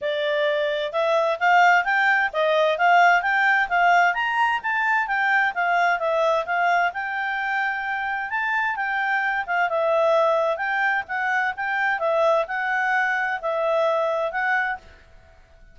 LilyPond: \new Staff \with { instrumentName = "clarinet" } { \time 4/4 \tempo 4 = 130 d''2 e''4 f''4 | g''4 dis''4 f''4 g''4 | f''4 ais''4 a''4 g''4 | f''4 e''4 f''4 g''4~ |
g''2 a''4 g''4~ | g''8 f''8 e''2 g''4 | fis''4 g''4 e''4 fis''4~ | fis''4 e''2 fis''4 | }